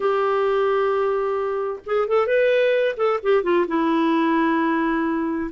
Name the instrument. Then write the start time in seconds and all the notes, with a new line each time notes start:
clarinet
0.00 G4
1.85 G#4
2.08 A4
2.27 B4
2.96 A4
3.22 G4
3.43 F4
3.67 E4